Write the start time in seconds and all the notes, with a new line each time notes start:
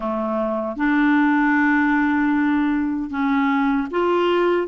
0.00 A3
0.76 D4
3.10 C#4
3.90 F4